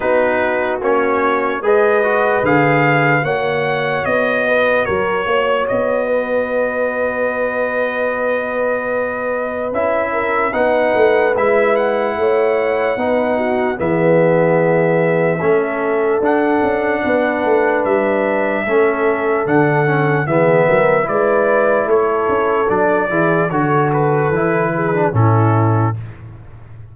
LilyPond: <<
  \new Staff \with { instrumentName = "trumpet" } { \time 4/4 \tempo 4 = 74 b'4 cis''4 dis''4 f''4 | fis''4 dis''4 cis''4 dis''4~ | dis''1 | e''4 fis''4 e''8 fis''4.~ |
fis''4 e''2. | fis''2 e''2 | fis''4 e''4 d''4 cis''4 | d''4 cis''8 b'4. a'4 | }
  \new Staff \with { instrumentName = "horn" } { \time 4/4 fis'2 b'2 | cis''4. b'8 ais'8 cis''4 b'8~ | b'1~ | b'8 ais'8 b'2 cis''4 |
b'8 fis'8 gis'2 a'4~ | a'4 b'2 a'4~ | a'4 gis'8 ais'8 b'4 a'4~ | a'8 gis'8 a'4. gis'8 e'4 | }
  \new Staff \with { instrumentName = "trombone" } { \time 4/4 dis'4 cis'4 gis'8 fis'8 gis'4 | fis'1~ | fis'1 | e'4 dis'4 e'2 |
dis'4 b2 cis'4 | d'2. cis'4 | d'8 cis'8 b4 e'2 | d'8 e'8 fis'4 e'8. d'16 cis'4 | }
  \new Staff \with { instrumentName = "tuba" } { \time 4/4 b4 ais4 gis4 d4 | ais4 b4 fis8 ais8 b4~ | b1 | cis'4 b8 a8 gis4 a4 |
b4 e2 a4 | d'8 cis'8 b8 a8 g4 a4 | d4 e8 fis8 gis4 a8 cis'8 | fis8 e8 d4 e4 a,4 | }
>>